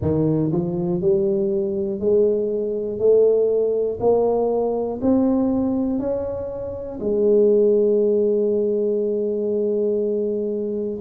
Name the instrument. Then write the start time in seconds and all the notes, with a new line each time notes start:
tuba
0.01 D#3
0.51 F3
1.01 G3
1.99 G#3
2.98 A3
4.00 A#3
5.01 C4
5.99 C#4
7.00 G#3